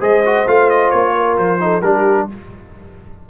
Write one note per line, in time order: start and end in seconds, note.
0.00 0.46 G#3
0.00 0.24 G#4
0.00 1.14 C5
0.00 0.48 D#5
0.25 0.47 F#4
0.47 0.92 A3
0.47 1.59 F4
0.47 0.70 F5
0.70 0.91 D#5
0.91 1.39 A#3
0.91 1.36 C#5
1.16 1.62 A#4
1.38 1.83 F3
1.38 1.82 C5
1.59 1.82 D#4
1.59 1.84 A4
1.82 2.28 G3
1.82 2.30 D4
1.82 2.30 G4
1.82 2.27 A#4